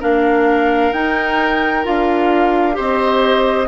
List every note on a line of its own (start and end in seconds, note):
0.00 0.92 A#3
0.00 0.93 D4
0.00 2.76 A#4
0.00 0.93 F5
0.92 1.84 D#4
0.92 1.85 D#4
0.92 1.85 G5
1.85 2.79 D4
1.85 2.73 F4
1.85 2.78 F5
2.73 3.68 C4
2.73 3.66 G4
2.73 3.68 C5
2.73 3.68 D#5